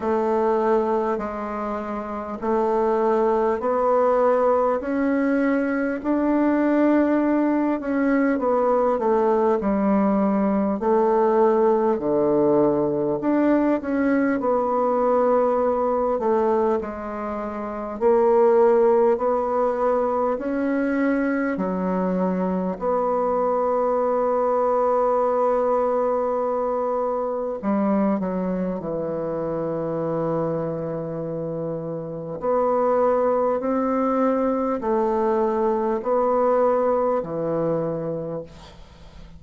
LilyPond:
\new Staff \with { instrumentName = "bassoon" } { \time 4/4 \tempo 4 = 50 a4 gis4 a4 b4 | cis'4 d'4. cis'8 b8 a8 | g4 a4 d4 d'8 cis'8 | b4. a8 gis4 ais4 |
b4 cis'4 fis4 b4~ | b2. g8 fis8 | e2. b4 | c'4 a4 b4 e4 | }